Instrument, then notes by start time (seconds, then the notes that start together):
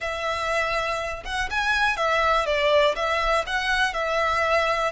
violin
0.00 E5
1.24 F#5
1.50 G#5
1.96 E5
2.46 D5
2.95 E5
3.46 F#5
3.93 E5